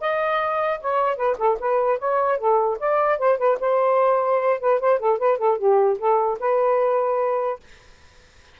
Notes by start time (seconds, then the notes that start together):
0.00 D#5
0.80 C#5
1.16 B4
1.37 A4
1.59 B4
1.98 C#5
2.38 A4
2.79 D5
3.18 C5
3.38 B4
3.60 C5
4.60 B4
4.80 C5
4.99 A4
5.18 B4
5.38 A4
5.58 G4
5.98 A4
6.39 B4